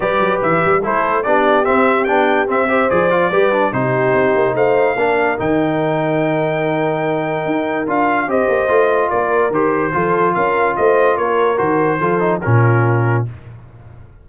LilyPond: <<
  \new Staff \with { instrumentName = "trumpet" } { \time 4/4 \tempo 4 = 145 d''4 e''4 c''4 d''4 | e''4 g''4 e''4 d''4~ | d''4 c''2 f''4~ | f''4 g''2.~ |
g''2. f''4 | dis''2 d''4 c''4~ | c''4 f''4 dis''4 cis''4 | c''2 ais'2 | }
  \new Staff \with { instrumentName = "horn" } { \time 4/4 b'2 a'4 g'4~ | g'2~ g'8 c''4. | b'4 g'2 c''4 | ais'1~ |
ais'1 | c''2 ais'2 | a'4 ais'4 c''4 ais'4~ | ais'4 a'4 f'2 | }
  \new Staff \with { instrumentName = "trombone" } { \time 4/4 g'2 e'4 d'4 | c'4 d'4 c'8 g'8 gis'8 f'8 | g'8 d'8 dis'2. | d'4 dis'2.~ |
dis'2. f'4 | g'4 f'2 g'4 | f'1 | fis'4 f'8 dis'8 cis'2 | }
  \new Staff \with { instrumentName = "tuba" } { \time 4/4 g8 fis8 e8 g8 a4 b4 | c'4 b4 c'4 f4 | g4 c4 c'8 ais8 a4 | ais4 dis2.~ |
dis2 dis'4 d'4 | c'8 ais8 a4 ais4 dis4 | f4 cis'4 a4 ais4 | dis4 f4 ais,2 | }
>>